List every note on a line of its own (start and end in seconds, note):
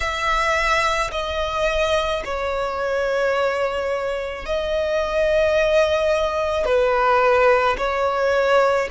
0.00 1.11 E5
1.11 2.22 D#5
2.24 4.45 C#5
4.45 6.65 D#5
6.65 7.76 B4
7.77 8.88 C#5